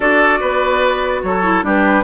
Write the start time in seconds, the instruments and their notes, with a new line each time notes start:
0.00 bassoon D4, clarinet F#4, oboe A4, flute D5
0.39 bassoon B3, oboe B4
1.22 bassoon F#3, oboe A4, flute C#5
1.42 clarinet E4
1.63 bassoon G3, clarinet D4, oboe G4, flute B4